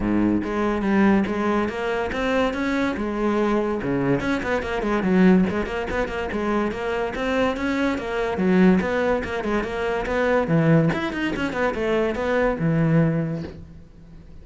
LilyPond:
\new Staff \with { instrumentName = "cello" } { \time 4/4 \tempo 4 = 143 gis,4 gis4 g4 gis4 | ais4 c'4 cis'4 gis4~ | gis4 cis4 cis'8 b8 ais8 gis8 | fis4 gis8 ais8 b8 ais8 gis4 |
ais4 c'4 cis'4 ais4 | fis4 b4 ais8 gis8 ais4 | b4 e4 e'8 dis'8 cis'8 b8 | a4 b4 e2 | }